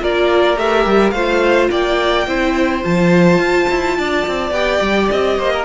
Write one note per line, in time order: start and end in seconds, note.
0.00 0.57 A#3
0.00 0.57 F4
0.00 1.13 A#4
0.00 0.58 D5
0.57 0.86 A3
0.57 1.14 G4
0.57 1.11 E5
0.86 1.12 G3
1.11 1.69 A3
1.11 2.27 F4
1.11 1.70 C5
1.11 1.67 F5
1.71 2.27 A#3
1.71 2.27 D5
1.71 2.84 G5
2.27 2.83 C4
2.27 2.83 E4
2.27 3.97 C5
2.83 3.38 F3
2.83 4.52 F4
2.83 4.52 A5
3.38 3.67 F4
3.70 3.98 E4
3.98 4.27 D4
3.98 5.39 D5
4.27 4.51 C4
4.51 4.79 B3
4.51 5.65 G4
4.51 5.09 G5
4.81 5.09 G3
5.11 5.38 C4
5.11 5.65 D#5
5.38 5.65 A#3
5.38 5.53 C5
5.53 5.65 A#4